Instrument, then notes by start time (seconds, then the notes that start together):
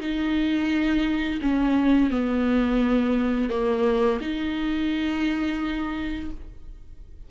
viola
0.00 D#4
1.42 C#4
2.11 B3
3.50 A#3
4.21 D#4